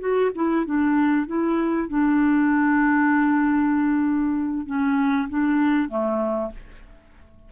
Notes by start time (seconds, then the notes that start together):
0.00 F#4
0.35 E4
0.66 D4
1.27 E4
1.89 D4
4.66 C#4
5.29 D4
5.89 A3